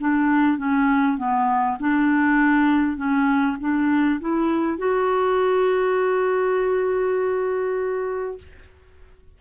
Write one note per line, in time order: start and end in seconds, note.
0.00 0.58 D4
0.58 1.17 C#4
1.17 1.77 B3
1.79 2.97 D4
2.97 3.57 C#4
3.60 4.20 D4
4.21 4.78 E4
4.78 8.38 F#4